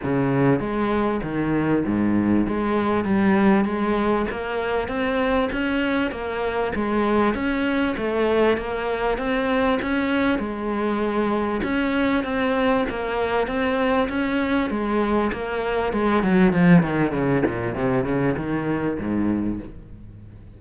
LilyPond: \new Staff \with { instrumentName = "cello" } { \time 4/4 \tempo 4 = 98 cis4 gis4 dis4 gis,4 | gis4 g4 gis4 ais4 | c'4 cis'4 ais4 gis4 | cis'4 a4 ais4 c'4 |
cis'4 gis2 cis'4 | c'4 ais4 c'4 cis'4 | gis4 ais4 gis8 fis8 f8 dis8 | cis8 ais,8 c8 cis8 dis4 gis,4 | }